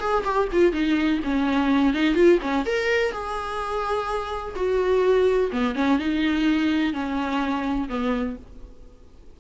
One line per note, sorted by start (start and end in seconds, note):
0.00 0.24 G#4
0.24 0.48 G4
0.53 0.72 F4
0.72 1.20 D#4
1.24 1.94 C#4
1.94 2.15 D#4
2.15 2.39 F4
2.42 2.65 C#4
2.66 3.12 A#4
3.12 4.55 G#4
4.56 5.51 F#4
5.52 5.75 B3
5.75 5.99 C#4
5.99 6.93 D#4
6.93 7.89 C#4
7.89 8.36 B3